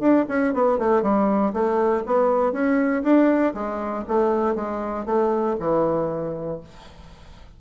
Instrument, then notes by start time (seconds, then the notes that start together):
bassoon
0.00 D4
0.28 C#4
0.53 B3
0.78 A3
1.02 G3
1.53 A3
2.06 B3
2.52 C#4
3.03 D4
3.54 G#3
4.08 A3
4.55 G#3
5.05 A3
5.59 E3